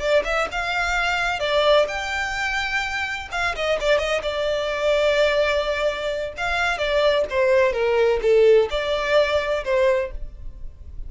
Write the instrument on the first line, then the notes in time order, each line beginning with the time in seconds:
violin
0.00 D5
0.25 E5
0.52 F5
1.40 D5
1.88 G5
3.32 F5
3.56 D#5
3.81 D5
3.98 D#5
4.22 D5
6.37 F5
6.78 D5
7.30 C5
7.73 A#4
8.22 A4
8.71 D5
9.65 C5